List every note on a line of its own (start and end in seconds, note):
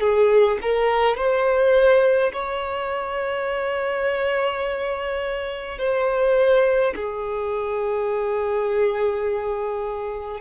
0.00 0.58 G#4
0.61 1.17 A#4
1.17 2.32 C5
2.33 5.78 C#5
5.78 6.94 C5
6.95 10.41 G#4